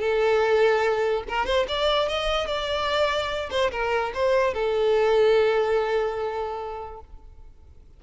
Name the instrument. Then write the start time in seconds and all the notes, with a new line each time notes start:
violin
0.00 A4
1.28 A#4
1.45 C5
1.68 D5
2.08 D#5
2.47 D5
3.50 C5
3.71 A#4
4.14 C5
4.54 A4